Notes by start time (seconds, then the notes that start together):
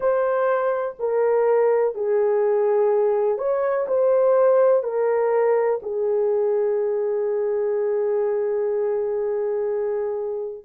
0.00 C5
0.99 A#4
1.94 G#4
3.37 C#5
3.87 C5
4.83 A#4
5.82 G#4